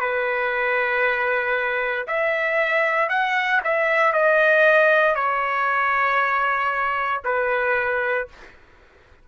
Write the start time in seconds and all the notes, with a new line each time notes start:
0.00 B4
2.07 E5
3.09 F#5
3.64 E5
4.13 D#5
5.15 C#5
7.24 B4